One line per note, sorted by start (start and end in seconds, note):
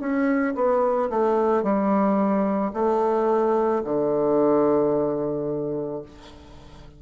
0.00 0.55 C#4
0.55 1.10 B3
1.10 1.63 A3
1.63 2.72 G3
2.73 3.82 A3
3.84 6.02 D3